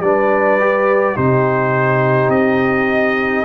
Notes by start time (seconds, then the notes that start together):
0.00 G3 D4 B4 D5
0.61 G4
1.16 C3 D#4 G4 C5
2.30 C4 D#5